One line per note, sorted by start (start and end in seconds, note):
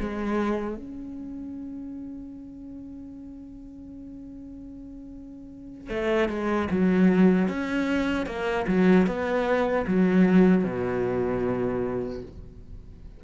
0.00 0.77 G#3
0.77 5.89 C#4
5.89 6.29 A3
6.29 6.68 G#3
6.71 7.48 F#3
7.48 8.26 C#4
8.26 8.66 A#3
8.68 9.07 F#3
9.07 9.86 B3
9.87 10.64 F#3
10.64 12.22 B2